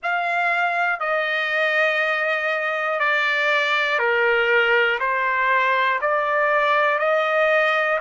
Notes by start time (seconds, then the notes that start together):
0.02 F5
1.00 D#5
2.99 D5
3.98 A#4
4.99 C5
6.00 D5
6.99 D#5